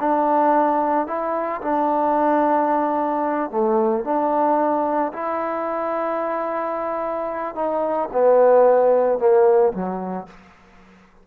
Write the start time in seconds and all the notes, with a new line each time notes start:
0.00 D4
1.07 E4
1.61 D4
3.51 A3
4.04 D4
5.13 E4
7.55 D#4
8.13 B3
9.19 A#3
9.73 F#3